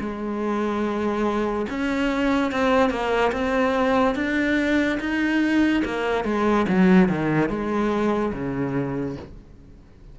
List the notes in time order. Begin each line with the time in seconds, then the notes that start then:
0.00 G#3
1.70 C#4
2.52 C4
2.90 A#3
3.32 C4
4.16 D4
5.00 D#4
5.85 A#3
6.25 G#3
6.69 F#3
7.09 D#3
7.50 G#3
8.34 C#3